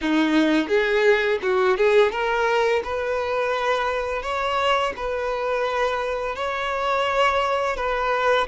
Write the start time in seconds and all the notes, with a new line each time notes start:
0.01 D#4
0.68 G#4
1.42 F#4
1.77 G#4
2.11 A#4
2.84 B4
4.22 C#5
4.96 B4
6.35 C#5
7.76 B4